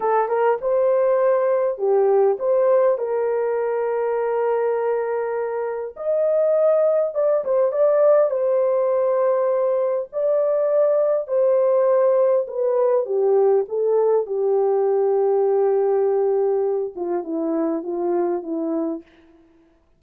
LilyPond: \new Staff \with { instrumentName = "horn" } { \time 4/4 \tempo 4 = 101 a'8 ais'8 c''2 g'4 | c''4 ais'2.~ | ais'2 dis''2 | d''8 c''8 d''4 c''2~ |
c''4 d''2 c''4~ | c''4 b'4 g'4 a'4 | g'1~ | g'8 f'8 e'4 f'4 e'4 | }